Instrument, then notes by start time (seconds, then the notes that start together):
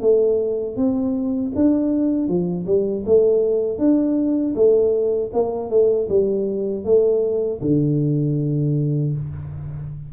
tuba
0.00 A3
0.76 C4
1.55 D4
2.28 F3
2.66 G3
3.05 A3
3.78 D4
4.55 A3
5.33 A#3
5.70 A3
6.09 G3
6.84 A3
7.61 D3